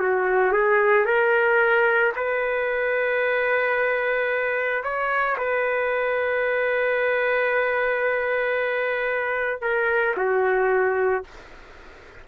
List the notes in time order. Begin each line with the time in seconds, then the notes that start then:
0.00 F#4
0.53 G#4
1.06 A#4
2.16 B4
4.84 C#5
5.38 B4
9.62 A#4
10.17 F#4